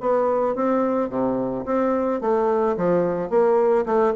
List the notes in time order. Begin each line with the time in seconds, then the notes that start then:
0.00 B3
0.55 C4
1.09 C3
1.65 C4
2.21 A3
2.77 F3
3.30 A#3
3.85 A3